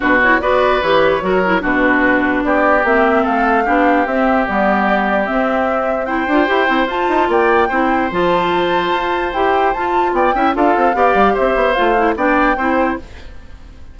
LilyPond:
<<
  \new Staff \with { instrumentName = "flute" } { \time 4/4 \tempo 4 = 148 b'8 cis''8 d''4 cis''2 | b'2 d''4 e''4 | f''2 e''4 d''4~ | d''4 e''2 g''4~ |
g''4 a''4 g''2 | a''2. g''4 | a''4 g''4 f''2 | e''4 f''4 g''2 | }
  \new Staff \with { instrumentName = "oboe" } { \time 4/4 fis'4 b'2 ais'4 | fis'2 g'2 | a'4 g'2.~ | g'2. c''4~ |
c''2 d''4 c''4~ | c''1~ | c''4 d''8 e''8 a'4 d''4 | c''2 d''4 c''4 | }
  \new Staff \with { instrumentName = "clarinet" } { \time 4/4 d'8 e'8 fis'4 g'4 fis'8 e'8 | d'2. c'4~ | c'4 d'4 c'4 b4~ | b4 c'2 e'8 f'8 |
g'8 e'8 f'2 e'4 | f'2. g'4 | f'4. e'8 f'4 g'4~ | g'4 f'8 e'8 d'4 e'4 | }
  \new Staff \with { instrumentName = "bassoon" } { \time 4/4 b,4 b4 e4 fis4 | b,2 b4 ais4 | a4 b4 c'4 g4~ | g4 c'2~ c'8 d'8 |
e'8 c'8 f'8 dis'8 ais4 c'4 | f2 f'4 e'4 | f'4 b8 cis'8 d'8 c'8 b8 g8 | c'8 b8 a4 b4 c'4 | }
>>